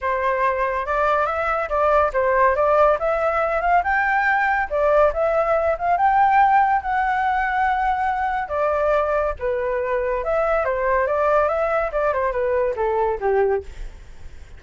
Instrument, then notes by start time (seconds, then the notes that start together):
flute
0.01 C5
0.86 D5
1.26 E5
1.69 D5
2.13 C5
2.55 D5
2.99 E5
3.61 F5
3.83 G5
4.70 D5
5.13 E5
5.78 F5
5.97 G5
6.81 F#5
8.48 D5
9.39 B4
10.23 E5
10.64 C5
11.06 D5
11.48 E5
11.92 D5
12.13 C5
12.32 B4
12.76 A4
13.20 G4